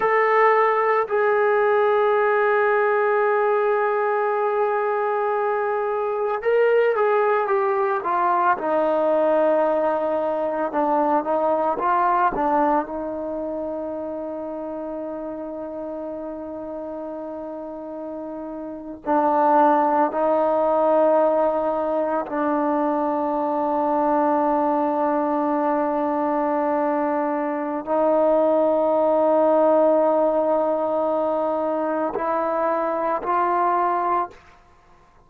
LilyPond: \new Staff \with { instrumentName = "trombone" } { \time 4/4 \tempo 4 = 56 a'4 gis'2.~ | gis'2 ais'8 gis'8 g'8 f'8 | dis'2 d'8 dis'8 f'8 d'8 | dis'1~ |
dis'4.~ dis'16 d'4 dis'4~ dis'16~ | dis'8. d'2.~ d'16~ | d'2 dis'2~ | dis'2 e'4 f'4 | }